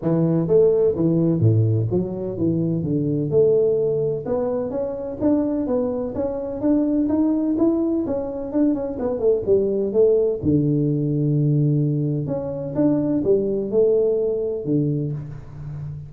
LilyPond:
\new Staff \with { instrumentName = "tuba" } { \time 4/4 \tempo 4 = 127 e4 a4 e4 a,4 | fis4 e4 d4 a4~ | a4 b4 cis'4 d'4 | b4 cis'4 d'4 dis'4 |
e'4 cis'4 d'8 cis'8 b8 a8 | g4 a4 d2~ | d2 cis'4 d'4 | g4 a2 d4 | }